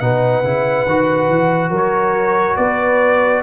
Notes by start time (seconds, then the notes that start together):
0.00 B2 D#4 B4 F#5
0.43 C#3 E4
0.86 D#3 F#4
1.28 E3
1.70 F#3 A#4
1.76 C#5
2.56 B3 B4 D5